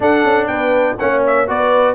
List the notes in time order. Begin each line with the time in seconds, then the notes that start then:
0.00 D4 A4 F#5
0.24 C#4
0.47 B3 B4 G5
0.98 A#3 C#4 C#5 F#5
1.26 E5
1.47 B3 F#4 B4 D5